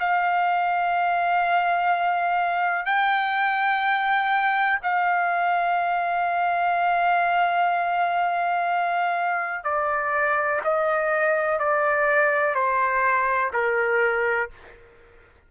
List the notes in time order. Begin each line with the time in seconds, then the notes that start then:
0.00 F5
2.86 G5
4.83 F5
9.64 D5
10.64 D#5
11.60 D5
12.55 C5
13.54 A#4